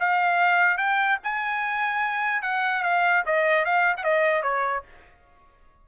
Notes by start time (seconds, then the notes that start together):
0.00 F5
0.78 G5
1.24 G#5
2.42 F#5
2.83 F5
3.26 D#5
3.65 F5
3.97 F#5
4.04 D#5
4.43 C#5